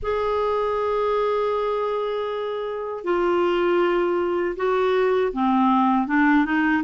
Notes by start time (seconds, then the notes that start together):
0.02 G#4
3.03 F4
4.56 F#4
5.33 C4
6.07 D4
6.45 D#4